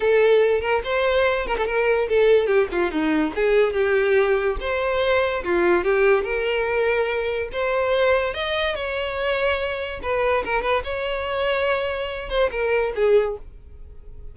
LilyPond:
\new Staff \with { instrumentName = "violin" } { \time 4/4 \tempo 4 = 144 a'4. ais'8 c''4. ais'16 a'16 | ais'4 a'4 g'8 f'8 dis'4 | gis'4 g'2 c''4~ | c''4 f'4 g'4 ais'4~ |
ais'2 c''2 | dis''4 cis''2. | b'4 ais'8 b'8 cis''2~ | cis''4. c''8 ais'4 gis'4 | }